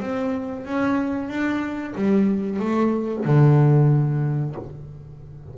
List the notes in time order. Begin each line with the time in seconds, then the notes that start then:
0.00 C4
0.65 C#4
1.29 D4
1.95 G3
2.59 A3
3.25 D3